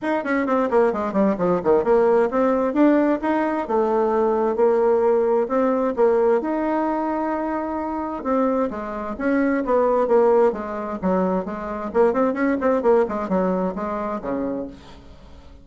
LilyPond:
\new Staff \with { instrumentName = "bassoon" } { \time 4/4 \tempo 4 = 131 dis'8 cis'8 c'8 ais8 gis8 g8 f8 dis8 | ais4 c'4 d'4 dis'4 | a2 ais2 | c'4 ais4 dis'2~ |
dis'2 c'4 gis4 | cis'4 b4 ais4 gis4 | fis4 gis4 ais8 c'8 cis'8 c'8 | ais8 gis8 fis4 gis4 cis4 | }